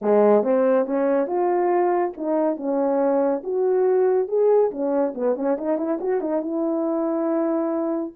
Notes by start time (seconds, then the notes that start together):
0.01 G#3
0.43 C4
0.86 C#4
1.26 F4
2.17 D#4
2.56 C#4
3.43 F#4
4.27 G#4
4.71 C#4
5.14 B3
5.35 C#4
5.58 D#4
5.77 E4
6.00 F#4
6.20 D#4
6.41 E4